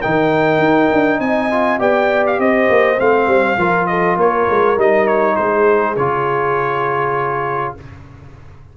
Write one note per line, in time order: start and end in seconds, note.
0.00 0.59 D#3
0.00 1.51 D#4
0.00 1.19 A#4
0.00 1.21 G5
0.59 0.89 D#4
0.93 1.20 D4
1.20 1.79 C4
1.20 1.80 D#5
1.20 1.80 G#5
1.51 1.80 F4
1.80 2.39 B3
1.80 2.97 G4
1.80 2.40 D5
1.80 2.26 G5
2.27 2.41 F5
2.39 2.69 C4
2.39 3.59 C5
2.39 3.00 D#5
2.70 2.99 A#3
2.97 3.27 A3
2.97 3.57 C4
2.97 3.87 F5
3.27 3.57 G3
3.58 4.17 F3
3.58 4.77 F4
3.58 3.89 A#4
3.87 4.17 A4
3.87 4.17 D#5
4.17 4.47 A#3
4.17 5.35 A#4
4.17 4.80 C#5
4.50 4.77 G#3
4.77 5.37 G3
4.77 5.96 D#4
4.77 5.08 D#5
5.08 5.36 C#5
5.36 5.97 G#3
5.36 7.75 G#4
5.36 5.96 C5
5.97 7.75 C#3
5.97 7.77 F4
5.97 7.75 C#5